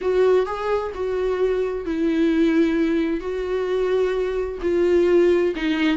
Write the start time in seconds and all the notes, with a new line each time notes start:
0.01 F#4
0.46 G#4
0.94 F#4
1.85 E4
3.20 F#4
4.62 F4
5.55 D#4